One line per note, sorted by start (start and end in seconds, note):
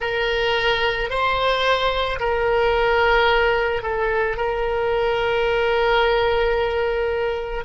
0.00 1.10 A#4
1.10 2.19 C5
2.19 3.82 A#4
3.82 4.36 A4
4.36 7.64 A#4